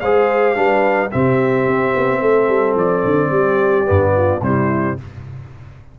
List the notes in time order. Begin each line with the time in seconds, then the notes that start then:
0.00 G#3 G#4 C5 F5
0.55 G3 D4 B4
1.11 C3 C4 G4 E5
1.67 C4
1.96 B3
2.20 A3 A4
2.48 G3
2.75 F3 D5
3.04 D3
3.29 G3 G4
3.85 G2 B3
4.16 F4
4.41 C3 G3 E4 C5